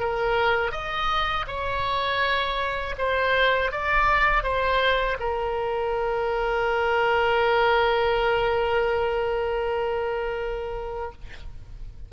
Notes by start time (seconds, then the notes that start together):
0.00 A#4
0.72 D#5
1.47 C#5
2.98 C5
3.72 D5
4.43 C5
5.20 A#4